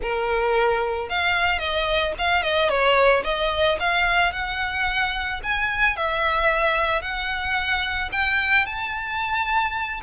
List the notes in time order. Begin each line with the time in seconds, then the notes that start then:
0.01 A#4
1.09 F5
1.58 D#5
2.18 F5
2.42 D#5
2.69 C#5
3.24 D#5
3.79 F5
4.32 F#5
5.43 G#5
5.96 E5
7.01 F#5
8.12 G5
8.65 A5